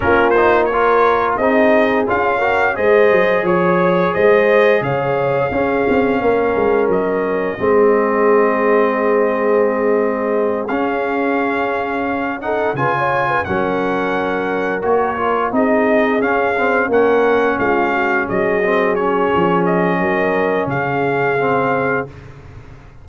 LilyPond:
<<
  \new Staff \with { instrumentName = "trumpet" } { \time 4/4 \tempo 4 = 87 ais'8 c''8 cis''4 dis''4 f''4 | dis''4 cis''4 dis''4 f''4~ | f''2 dis''2~ | dis''2.~ dis''8 f''8~ |
f''2 fis''8 gis''4 fis''8~ | fis''4. cis''4 dis''4 f''8~ | f''8 fis''4 f''4 dis''4 cis''8~ | cis''8 dis''4. f''2 | }
  \new Staff \with { instrumentName = "horn" } { \time 4/4 f'4 ais'4 gis'4. ais'8 | c''4 cis''4 c''4 cis''4 | gis'4 ais'2 gis'4~ | gis'1~ |
gis'2 a'8 b'16 cis''8 b'16 ais'8~ | ais'2~ ais'8 gis'4.~ | gis'8 ais'4 f'8 fis'8 gis'4.~ | gis'4 ais'4 gis'2 | }
  \new Staff \with { instrumentName = "trombone" } { \time 4/4 cis'8 dis'8 f'4 dis'4 f'8 fis'8 | gis'1 | cis'2. c'4~ | c'2.~ c'8 cis'8~ |
cis'2 dis'8 f'4 cis'8~ | cis'4. fis'8 f'8 dis'4 cis'8 | c'8 cis'2~ cis'8 c'8 cis'8~ | cis'2. c'4 | }
  \new Staff \with { instrumentName = "tuba" } { \time 4/4 ais2 c'4 cis'4 | gis8 fis8 f4 gis4 cis4 | cis'8 c'8 ais8 gis8 fis4 gis4~ | gis2.~ gis8 cis'8~ |
cis'2~ cis'8 cis4 fis8~ | fis4. ais4 c'4 cis'8~ | cis'8 ais4 gis4 fis4. | f4 fis4 cis2 | }
>>